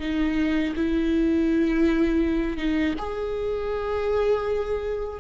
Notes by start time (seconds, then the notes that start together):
0.00 D#4
0.76 E4
2.57 D#4
2.98 G#4